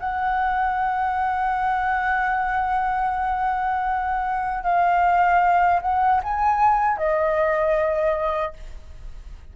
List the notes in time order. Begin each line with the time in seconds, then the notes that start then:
0.00 F#5
4.64 F5
5.82 F#5
6.23 G#5
6.98 D#5